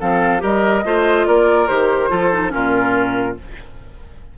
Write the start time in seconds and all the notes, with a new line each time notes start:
0.00 F3 C4 A4 F5
0.40 G3 G4 A#4 D#5
0.85 A3 F4 C5
1.27 A#3 A#4 D5
1.67 D#3 G4 C5
2.10 F3 F4 A4
2.33 D#4
2.50 A#2 C#4 F4 A#4